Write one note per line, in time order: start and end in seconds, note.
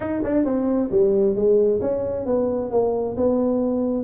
0.00 0.22 D#4
0.23 0.44 D4
0.44 0.89 C4
0.91 1.35 G3
1.35 1.80 G#3
1.81 2.25 C#4
2.25 2.70 B3
2.70 3.16 A#3
3.16 4.04 B3